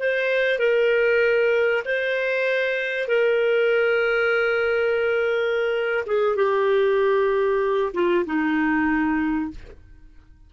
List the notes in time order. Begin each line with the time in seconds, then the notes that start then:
0.00 C5
0.59 A#4
1.86 C5
3.09 A#4
6.07 G#4
6.37 G4
7.94 F4
8.26 D#4